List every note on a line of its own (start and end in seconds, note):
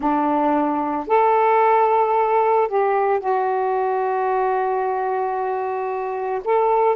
0.00 1.07 D4
1.07 2.68 A4
2.68 3.19 G4
3.19 6.41 F#4
6.44 6.96 A4